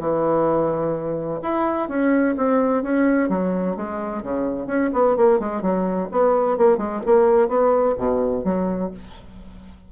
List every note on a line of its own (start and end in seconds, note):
0.00 1.41 E3
1.43 1.89 E4
1.89 2.36 C#4
2.38 2.84 C4
2.84 3.30 C#4
3.30 3.76 F#3
3.77 4.23 G#3
4.23 4.67 C#3
4.67 4.90 C#4
4.94 5.17 B3
5.17 5.40 A#3
5.40 5.62 G#3
5.62 6.09 F#3
6.12 6.58 B3
6.58 6.78 A#3
6.78 7.01 G#3
7.07 7.49 A#3
7.49 7.96 B3
7.98 8.45 B2
8.45 8.91 F#3